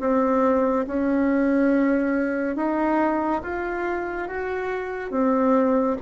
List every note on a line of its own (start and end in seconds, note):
0.00 0.86 C4
0.87 2.56 C#4
2.56 3.42 D#4
3.42 4.28 F4
4.28 5.11 F#4
5.11 5.96 C4